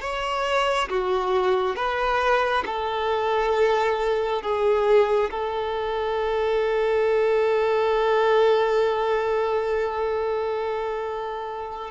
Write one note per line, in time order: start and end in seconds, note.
0.00 0.88 C#5
0.89 1.75 F#4
1.75 2.64 B4
2.66 4.42 A4
4.42 5.30 G#4
5.30 11.90 A4